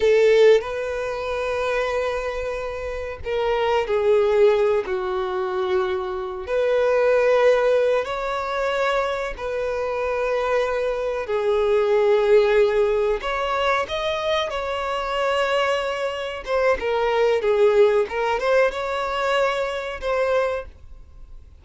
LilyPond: \new Staff \with { instrumentName = "violin" } { \time 4/4 \tempo 4 = 93 a'4 b'2.~ | b'4 ais'4 gis'4. fis'8~ | fis'2 b'2~ | b'8 cis''2 b'4.~ |
b'4. gis'2~ gis'8~ | gis'8 cis''4 dis''4 cis''4.~ | cis''4. c''8 ais'4 gis'4 | ais'8 c''8 cis''2 c''4 | }